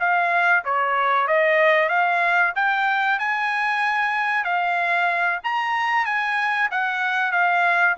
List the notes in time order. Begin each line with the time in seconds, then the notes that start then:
0.00 F5
0.65 C#5
1.28 D#5
1.90 F5
2.56 G5
3.19 G#5
4.44 F5
5.44 A#5
6.06 G#5
6.71 F#5
7.32 F5